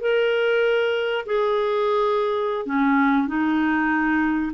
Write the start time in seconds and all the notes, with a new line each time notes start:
0.00 A#4
1.26 G#4
2.65 C#4
3.27 D#4